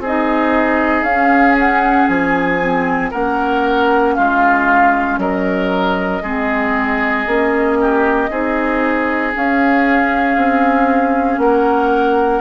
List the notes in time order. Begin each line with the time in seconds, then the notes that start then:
0.00 C4 G#4
0.06 D#4 D#5
1.03 C#4 F5
1.59 F#5
2.08 F3 G#5
2.61 C4
3.11 A#3 C#4 A#4 F#5
4.16 G#3 F4 F5
5.18 F#3 A#4 D#5
6.23 G#3 C4 G#4
7.27 A#3 C#4
7.81 G4
8.30 C4 D#4 G#4
9.33 C#4 F5
10.37 C4
11.38 A#3 A#4 F#5